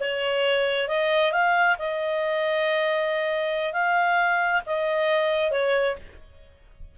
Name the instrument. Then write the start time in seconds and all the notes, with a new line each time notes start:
clarinet
0.00 C#5
0.88 D#5
1.32 F5
1.78 D#5
3.73 F5
4.66 D#5
5.51 C#5